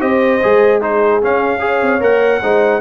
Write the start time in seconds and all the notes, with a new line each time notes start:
0.00 C4 G4 C5 D#5
0.42 G#3 G#4
0.79 D#4 G#4 C5
1.22 C#4 F5
1.59 G#4 C#5
1.82 C4
2.00 A#3 A#4 F#5
2.41 G#3 D#4 C5